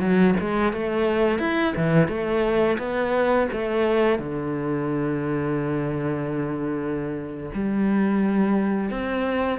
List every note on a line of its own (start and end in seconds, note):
0.00 0.35 F#3
0.40 0.73 G#3
0.73 1.39 A3
1.39 1.74 E4
1.77 2.08 E3
2.08 2.78 A3
2.78 3.48 B3
3.52 4.19 A3
4.19 7.50 D3
7.54 8.91 G3
8.91 9.59 C4